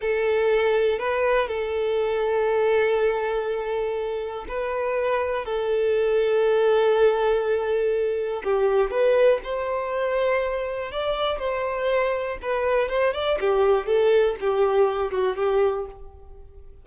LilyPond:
\new Staff \with { instrumentName = "violin" } { \time 4/4 \tempo 4 = 121 a'2 b'4 a'4~ | a'1~ | a'4 b'2 a'4~ | a'1~ |
a'4 g'4 b'4 c''4~ | c''2 d''4 c''4~ | c''4 b'4 c''8 d''8 g'4 | a'4 g'4. fis'8 g'4 | }